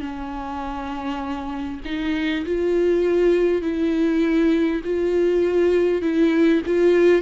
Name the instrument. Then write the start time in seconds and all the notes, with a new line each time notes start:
viola
0.00 C#4
1.85 D#4
2.45 F4
3.62 E4
4.84 F4
6.02 E4
6.66 F4